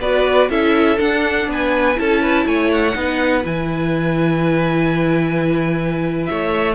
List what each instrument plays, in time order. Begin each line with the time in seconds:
0.00 cello B3, viola F#4, violin B4 D5
0.49 cello C#4, viola E4, violin A4 E5
0.97 viola D4, cello D4, violin F#5
1.47 cello B3, violin B4 G#5
1.95 cello C#4, viola E4, violin A4 A5
2.21 violin B4
2.45 cello A3, violin C#5 G#5
2.72 violin F#5
2.94 cello B3, viola D#4, violin B4
3.43 cello E3, viola E4, violin G#5
6.25 cello A3, violin C#5 E5